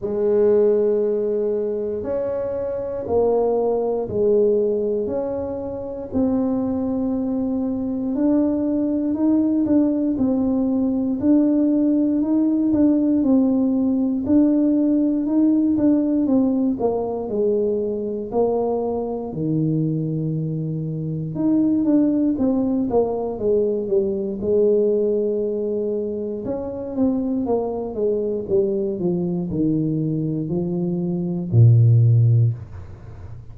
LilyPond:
\new Staff \with { instrumentName = "tuba" } { \time 4/4 \tempo 4 = 59 gis2 cis'4 ais4 | gis4 cis'4 c'2 | d'4 dis'8 d'8 c'4 d'4 | dis'8 d'8 c'4 d'4 dis'8 d'8 |
c'8 ais8 gis4 ais4 dis4~ | dis4 dis'8 d'8 c'8 ais8 gis8 g8 | gis2 cis'8 c'8 ais8 gis8 | g8 f8 dis4 f4 ais,4 | }